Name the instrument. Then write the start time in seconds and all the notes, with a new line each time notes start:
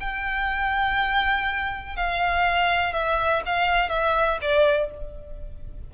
violin
0.00 G5
1.96 F5
2.93 E5
3.46 F5
3.89 E5
4.42 D5